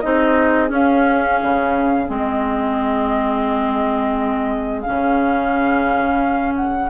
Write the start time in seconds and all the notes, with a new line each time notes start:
0.00 C4 D#4 G#4 D#5
0.68 C#4 F5
1.42 C#3
2.07 G#3 C4 D#5
4.81 C#4 F5
4.88 C#3
6.55 F#5